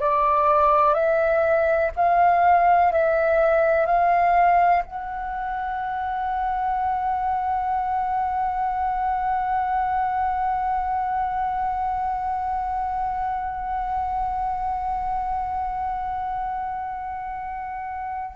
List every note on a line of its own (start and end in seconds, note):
0.00 0.94 D5
0.94 1.91 E5
1.96 2.93 F5
2.93 3.86 E5
3.86 4.83 F5
4.85 18.37 F#5